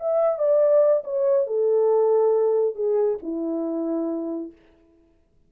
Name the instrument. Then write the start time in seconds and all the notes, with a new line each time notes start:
horn
0.00 E5
0.39 D5
1.05 C#5
1.47 A4
2.75 G#4
3.23 E4